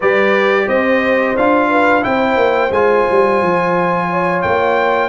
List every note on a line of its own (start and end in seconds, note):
0.00 0.67 G3
0.00 1.37 G4
0.00 0.66 B4
0.00 0.68 D5
0.67 1.36 C4
0.67 1.69 C5
0.67 1.36 D#5
1.36 2.04 D4
1.36 2.02 F4
1.36 2.03 F5
1.69 2.03 B4
2.02 2.36 C4
2.02 2.70 E4
2.02 4.09 C5
2.02 2.71 G5
2.36 2.70 A#3
2.71 3.05 G#3
2.71 5.09 F4
2.71 4.41 G#5
3.10 3.41 G3
3.41 4.44 F3
4.09 5.09 C#5
4.41 5.09 A#3
4.41 5.09 G5